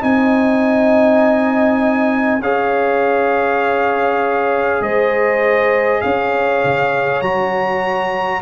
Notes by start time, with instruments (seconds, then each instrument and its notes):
0.00 tuba C4, trombone D#4, horn D#5, trumpet G#5
2.40 tuba C#4, trombone G#4, horn C#5, trumpet F5
4.81 tuba G#3, horn C5, trumpet D#5
6.01 tuba C#4, horn C#5, trumpet F5
6.64 tuba C#3
7.21 tuba F#3, trombone F#4, trumpet A#5